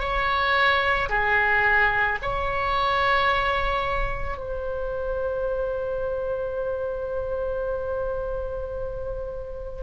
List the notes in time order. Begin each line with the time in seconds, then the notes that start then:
0.00 C#5
1.10 G#4
2.22 C#5
4.38 C5